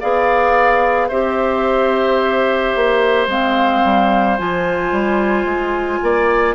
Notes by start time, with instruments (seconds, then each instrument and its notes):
0.00 bassoon B3, clarinet G#4, oboe D5, flute F5
1.08 bassoon C4, clarinet G4, oboe C5, flute E5
2.75 bassoon A#3
3.27 bassoon G#3, clarinet C4, flute F5
3.84 bassoon G3
4.37 bassoon F3, clarinet F4, flute G#5
4.92 bassoon G3
5.44 bassoon G#3
6.02 bassoon A#3, oboe D5